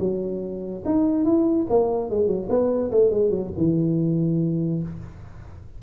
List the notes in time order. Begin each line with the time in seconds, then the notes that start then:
0.00 F#3
0.85 D#4
1.25 E4
1.70 A#3
2.10 G#3
2.27 F#3
2.49 B3
2.91 A3
3.10 G#3
3.30 F#3
3.58 E3